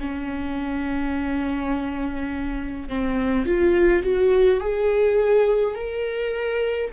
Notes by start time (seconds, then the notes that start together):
0.00 C#4
2.88 C4
3.46 F4
4.03 F#4
4.60 G#4
5.75 A#4